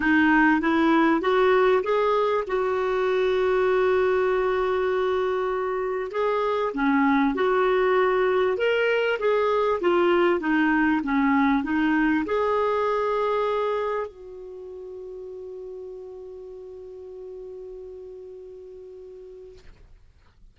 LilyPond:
\new Staff \with { instrumentName = "clarinet" } { \time 4/4 \tempo 4 = 98 dis'4 e'4 fis'4 gis'4 | fis'1~ | fis'2 gis'4 cis'4 | fis'2 ais'4 gis'4 |
f'4 dis'4 cis'4 dis'4 | gis'2. fis'4~ | fis'1~ | fis'1 | }